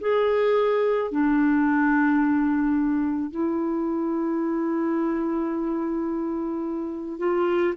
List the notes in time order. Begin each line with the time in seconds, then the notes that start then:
0.00 G#4
1.11 D4
3.30 E4
7.18 F4